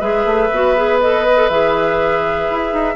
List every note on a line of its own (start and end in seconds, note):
0.00 0.25 G#3
0.00 0.49 G#4
0.00 2.95 B4
0.00 0.99 E5
0.25 0.50 A3
0.51 1.50 B3
0.51 0.77 F#4
0.77 1.01 G#4
1.00 1.26 A4
1.00 1.49 D#5
1.26 1.37 B4
1.37 1.49 A4
1.49 2.48 E3
1.49 2.96 G#4
1.49 2.96 E5
2.51 2.73 E4
2.73 2.96 D#4